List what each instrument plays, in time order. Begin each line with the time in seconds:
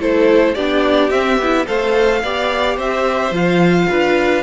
0.00 cello A3, viola E4, violin A4 C5
0.55 cello B3, viola D4, violin G4 D5
1.10 cello C4, viola C4, violin E5
1.39 cello B3, viola E4
1.66 cello A3, viola A4, violin C5 F5
2.23 cello B3, viola G4, violin D5
2.77 cello C4, violin C5 E5
3.31 cello F3, viola F4, violin F5
3.89 cello D4, violin B4